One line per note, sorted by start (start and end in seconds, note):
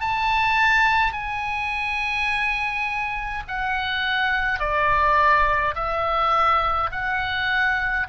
0.00 1.13 A5
1.13 3.44 G#5
3.48 4.59 F#5
4.59 5.75 D5
5.75 6.90 E5
6.92 8.07 F#5